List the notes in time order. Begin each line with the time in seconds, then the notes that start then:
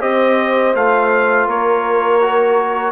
0.00 C4 G4 C5 D#5
0.74 A3 F4 F5
1.46 A#3 A#4 C#5
2.20 F#4